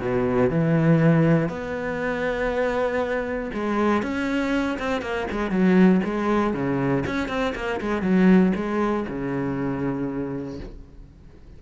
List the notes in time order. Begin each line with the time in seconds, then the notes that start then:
0.00 B2
0.50 E3
1.48 B3
3.53 G#3
4.02 C#4
4.79 C4
5.01 A#3
5.31 G#3
5.50 F#3
6.04 G#3
6.53 C#3
7.06 C#4
7.28 C4
7.55 A#3
7.80 G#3
8.02 F#3
8.55 G#3
9.08 C#3